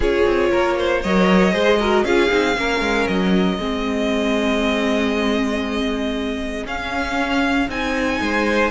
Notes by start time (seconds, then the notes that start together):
0.00 C#4 F4 G#4 C#5
0.26 C4
0.51 A#3 A#4
0.78 C5
1.01 F#3 A#4 C#5 D#5
1.51 G#3 G#4 C5
1.79 F#4 A#4
2.04 C#4 F4 G#4 F5
2.28 C4 D#4
2.57 A#3 C#4 A#4
2.80 G#3
3.07 F#3 D#5
3.58 G#3 C4 G#4
6.65 C#4 F5
7.69 C4 D#4 G#5
8.21 G#3 C5